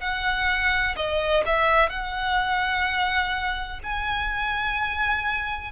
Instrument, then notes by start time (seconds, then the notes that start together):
violin
0.00 F#5
0.96 D#5
1.46 E5
1.89 F#5
3.83 G#5